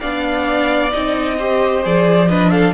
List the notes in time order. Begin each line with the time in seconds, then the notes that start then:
0.00 B3 D4 D5 F5
0.91 C4 D#4 D#5
1.37 G4 C5
1.83 F3 G#4 D5
2.29 D4 B4 D#5
2.51 A4 F5